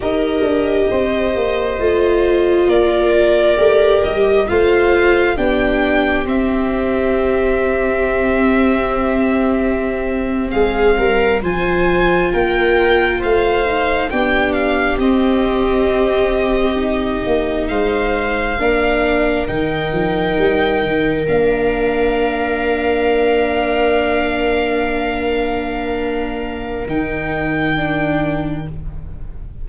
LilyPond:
<<
  \new Staff \with { instrumentName = "violin" } { \time 4/4 \tempo 4 = 67 dis''2. d''4~ | d''8 dis''8 f''4 g''4 e''4~ | e''2.~ e''8. f''16~ | f''8. gis''4 g''4 f''4 g''16~ |
g''16 f''8 dis''2. f''16~ | f''4.~ f''16 g''2 f''16~ | f''1~ | f''2 g''2 | }
  \new Staff \with { instrumentName = "viola" } { \time 4/4 ais'4 c''2 ais'4~ | ais'4 c''4 g'2~ | g'2.~ g'8. gis'16~ | gis'16 ais'8 c''4 ais'4 c''4 g'16~ |
g'2.~ g'8. c''16~ | c''8. ais'2.~ ais'16~ | ais'1~ | ais'1 | }
  \new Staff \with { instrumentName = "viola" } { \time 4/4 g'2 f'2 | g'4 f'4 d'4 c'4~ | c'1~ | c'8. f'2~ f'8 dis'8 d'16~ |
d'8. c'2 dis'4~ dis'16~ | dis'8. d'4 dis'2 d'16~ | d'1~ | d'2 dis'4 d'4 | }
  \new Staff \with { instrumentName = "tuba" } { \time 4/4 dis'8 d'8 c'8 ais8 a4 ais4 | a8 g8 a4 b4 c'4~ | c'2.~ c'8. gis16~ | gis16 g8 f4 ais4 a4 b16~ |
b8. c'2~ c'8 ais8 gis16~ | gis8. ais4 dis8 f8 g8 dis8 ais16~ | ais1~ | ais2 dis2 | }
>>